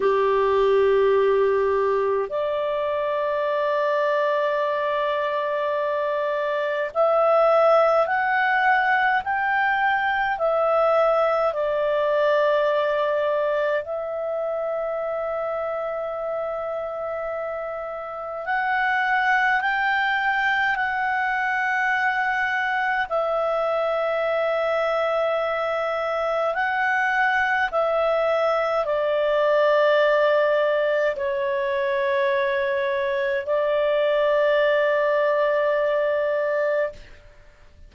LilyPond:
\new Staff \with { instrumentName = "clarinet" } { \time 4/4 \tempo 4 = 52 g'2 d''2~ | d''2 e''4 fis''4 | g''4 e''4 d''2 | e''1 |
fis''4 g''4 fis''2 | e''2. fis''4 | e''4 d''2 cis''4~ | cis''4 d''2. | }